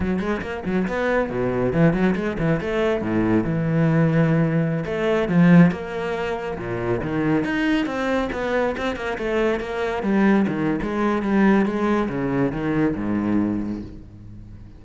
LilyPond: \new Staff \with { instrumentName = "cello" } { \time 4/4 \tempo 4 = 139 fis8 gis8 ais8 fis8 b4 b,4 | e8 fis8 gis8 e8 a4 a,4 | e2.~ e16 a8.~ | a16 f4 ais2 ais,8.~ |
ais,16 dis4 dis'4 c'4 b8.~ | b16 c'8 ais8 a4 ais4 g8.~ | g16 dis8. gis4 g4 gis4 | cis4 dis4 gis,2 | }